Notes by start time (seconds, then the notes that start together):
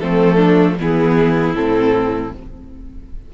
0.00 F3 A3 C4 A4
0.36 D4
0.79 E3 B3 E4 G#4
1.55 A2 C4 A4